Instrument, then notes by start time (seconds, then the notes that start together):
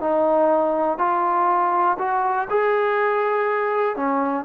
trombone
0.00 D#4
0.98 F4
1.99 F#4
2.50 G#4
3.96 C#4